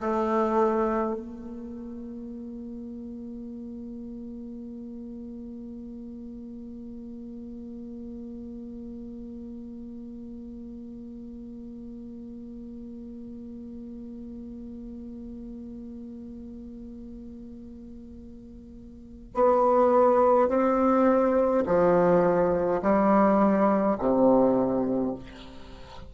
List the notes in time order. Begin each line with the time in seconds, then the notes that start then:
0.00 A3
1.15 A#3
19.34 B3
20.49 C4
21.66 F3
22.82 G3
23.98 C3